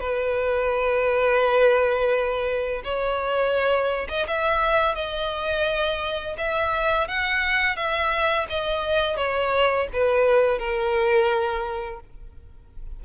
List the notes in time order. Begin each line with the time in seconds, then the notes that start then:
0.00 B4
2.85 C#5
4.09 D#5
4.28 E5
4.95 D#5
6.38 E5
7.08 F#5
7.76 E5
8.50 D#5
9.17 C#5
9.93 B4
10.59 A#4